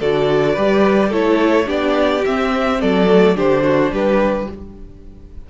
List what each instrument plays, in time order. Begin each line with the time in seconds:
0.00 cello D3, viola F#4, violin A4 D5
0.54 cello G3, viola G4, violin B4
1.09 cello A3, viola E4, violin A4 C#5
1.66 cello B3, viola D4, violin G4 D5
2.26 viola C4, cello C4, violin E5
2.81 cello F#3, violin A4 D5
3.07 viola A3
3.36 cello D3, viola D4, violin G4 C5
3.64 violin F#4
3.92 cello G3, violin G4 B4